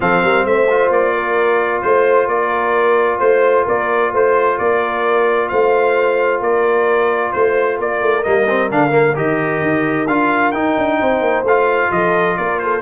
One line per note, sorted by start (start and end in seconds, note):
0.00 0.23 F3
0.00 0.67 C4
0.00 0.22 A4
0.00 0.45 F5
0.22 0.44 G3
0.22 0.45 A#4
0.44 0.89 A3
0.44 1.13 C5
0.44 0.91 E5
0.70 8.24 F4
0.89 1.81 A#3
0.89 1.81 D5
1.13 1.82 A#4
1.81 2.27 A3
1.81 2.27 C5
1.81 2.29 C5
2.27 3.18 A#3
2.27 3.19 A#4
2.27 3.19 D5
3.19 3.66 A3
3.19 3.64 C5
3.19 3.65 C5
3.64 4.12 A#3
3.64 4.10 A#4
3.64 4.14 D5
4.10 4.58 A3
4.10 4.56 C5
4.10 4.58 C5
4.57 5.50 A#3
4.57 5.48 A#4
4.57 5.48 D5
5.48 6.41 A3
5.48 6.40 C5
5.48 6.40 F5
6.40 7.32 A#3
6.40 7.32 A#4
6.40 7.32 D5
7.32 7.79 A3
7.32 7.78 C5
7.32 7.79 C5
7.79 8.01 A#3
7.79 10.98 A#4
7.79 8.23 D5
8.01 8.24 A3
8.23 8.70 G3
8.23 8.47 A#3
8.23 8.69 D#5
8.48 8.70 C4
8.70 9.16 D3
8.70 8.90 D4
8.70 9.17 F5
8.90 9.13 A#3
9.15 9.62 D#3
9.15 10.06 G4
9.15 10.07 D#5
9.62 10.07 D#4
10.07 10.53 D4
10.07 10.53 F4
10.07 10.51 F5
10.51 10.76 D#4
10.51 11.45 D#4
10.51 11.43 G5
10.77 11.00 D4
10.98 11.20 C4
10.98 11.90 C5
11.20 11.43 A#3
11.43 11.89 A3
11.43 12.81 F4
11.43 11.91 F5
11.91 12.37 F3
11.91 12.39 A4
11.91 12.37 D#5
12.37 12.81 A#3
12.37 12.62 A#4
12.37 12.59 D5
12.59 12.81 A4
12.59 12.81 C5